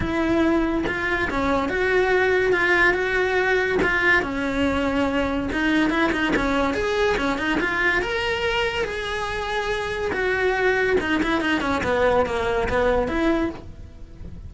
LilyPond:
\new Staff \with { instrumentName = "cello" } { \time 4/4 \tempo 4 = 142 e'2 f'4 cis'4 | fis'2 f'4 fis'4~ | fis'4 f'4 cis'2~ | cis'4 dis'4 e'8 dis'8 cis'4 |
gis'4 cis'8 dis'8 f'4 ais'4~ | ais'4 gis'2. | fis'2 dis'8 e'8 dis'8 cis'8 | b4 ais4 b4 e'4 | }